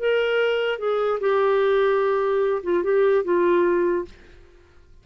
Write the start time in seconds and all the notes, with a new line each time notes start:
0.00 A#4
0.79 G#4
1.21 G4
2.64 F4
2.84 G4
3.25 F4